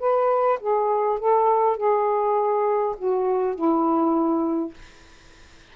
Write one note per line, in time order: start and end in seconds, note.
0.00 0.59 B4
0.60 1.19 G#4
1.19 1.77 A4
1.77 2.96 G#4
2.98 3.55 F#4
3.55 4.74 E4